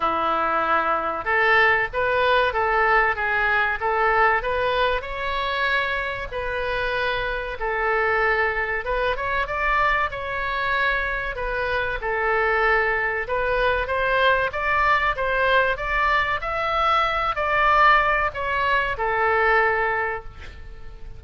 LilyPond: \new Staff \with { instrumentName = "oboe" } { \time 4/4 \tempo 4 = 95 e'2 a'4 b'4 | a'4 gis'4 a'4 b'4 | cis''2 b'2 | a'2 b'8 cis''8 d''4 |
cis''2 b'4 a'4~ | a'4 b'4 c''4 d''4 | c''4 d''4 e''4. d''8~ | d''4 cis''4 a'2 | }